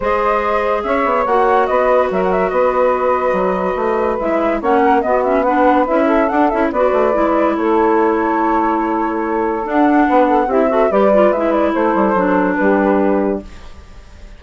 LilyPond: <<
  \new Staff \with { instrumentName = "flute" } { \time 4/4 \tempo 4 = 143 dis''2 e''4 fis''4 | dis''4 e''16 fis''16 e''8 dis''2~ | dis''2 e''4 fis''4 | dis''8 e''8 fis''4 e''4 fis''8 e''8 |
d''2 cis''2~ | cis''2. fis''4~ | fis''4 e''4 d''4 e''8 d''8 | c''2 b'2 | }
  \new Staff \with { instrumentName = "saxophone" } { \time 4/4 c''2 cis''2 | b'4 ais'4 b'2~ | b'2. cis''8 ais'8 | fis'4 b'4. a'4. |
b'2 a'2~ | a'1 | b'8 a'8 g'8 a'8 b'2 | a'2 g'2 | }
  \new Staff \with { instrumentName = "clarinet" } { \time 4/4 gis'2. fis'4~ | fis'1~ | fis'2 e'4 cis'4 | b8 cis'8 d'4 e'4 d'8 e'8 |
fis'4 e'2.~ | e'2. d'4~ | d'4 e'8 fis'8 g'8 f'8 e'4~ | e'4 d'2. | }
  \new Staff \with { instrumentName = "bassoon" } { \time 4/4 gis2 cis'8 b8 ais4 | b4 fis4 b2 | fis4 a4 gis4 ais4 | b2 cis'4 d'8 cis'8 |
b8 a8 gis4 a2~ | a2. d'4 | b4 c'4 g4 gis4 | a8 g8 fis4 g2 | }
>>